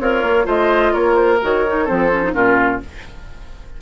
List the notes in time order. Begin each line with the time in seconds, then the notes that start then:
0.00 C4 F4 A#4 C#5
0.23 A#3
0.45 A3 F4 C5 D#5
0.93 A#3 A#4 C#5
1.15 C5
1.42 D#3 F#4 C#5
1.67 D#4
1.85 F3 C4 A4 C5
2.12 C#4
2.23 D#4
2.33 A#2 C#4 F4 A#4